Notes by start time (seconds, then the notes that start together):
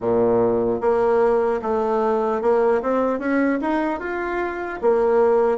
0.00 A#2
0.80 A#3
1.61 A3
2.41 A#3
2.82 C4
3.19 C#4
3.61 D#4
3.99 F4
4.81 A#3